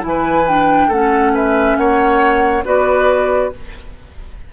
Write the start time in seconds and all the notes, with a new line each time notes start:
0.00 E3 E4 G#5
0.09 B4
0.48 D4 G5
0.88 A3 C#4 A4 F#5
1.34 B4 E5
1.77 A#3 C#5 F#5
2.64 B3 F#4 B4 D5